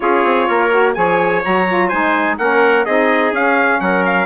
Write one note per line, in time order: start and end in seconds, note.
0.00 0.23 C#4
0.00 0.69 F4
0.00 0.48 G#4
0.00 0.93 C#5
0.23 0.47 C4
0.48 0.96 A#3
0.48 0.95 A#4
0.71 0.94 F#4
0.93 1.43 F3
0.93 1.42 G#4
0.93 1.87 C#5
0.93 1.41 G#5
1.43 1.92 F#3
1.43 1.67 F#4
1.43 1.88 A#5
1.67 1.91 F4
1.87 2.38 G#3
1.87 2.38 D#4
1.87 2.35 C5
1.87 2.36 G#5
2.38 2.86 A#3
2.38 2.86 C#4
2.38 2.85 A#4
2.38 2.85 F#5
2.85 3.32 C4
2.85 3.33 D#4
2.85 3.80 G#4
2.85 3.32 D#5
3.32 3.79 C#4
3.32 4.26 C#4
3.32 3.80 F5
3.80 4.26 F#3
3.80 4.26 A#4
3.80 4.04 F#5
4.05 4.26 F5